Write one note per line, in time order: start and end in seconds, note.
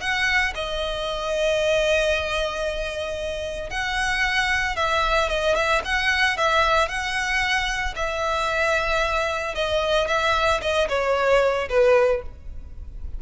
0.00 0.53 F#5
0.55 3.70 D#5
3.70 4.76 F#5
4.76 5.29 E5
5.29 5.55 D#5
5.55 5.81 E5
5.85 6.37 F#5
6.37 6.88 E5
6.88 7.94 F#5
7.95 9.55 E5
9.55 10.07 D#5
10.07 10.60 E5
10.61 10.88 D#5
10.88 11.68 C#5
11.69 12.22 B4